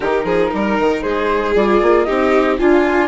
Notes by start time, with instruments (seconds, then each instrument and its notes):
0.00 bassoon D#3, viola D#4, violin G4, flute A#4
0.24 bassoon F3, violin G#4
0.53 bassoon G3, violin A#4
0.79 bassoon D#3
1.01 bassoon G#3, violin G#4, flute C5
1.55 bassoon G3, viola F4, flute D5
1.81 bassoon A#3
2.03 bassoon C4, viola D#4, violin G4, flute D#5
2.58 bassoon D4, viola F4, violin F4, flute G#5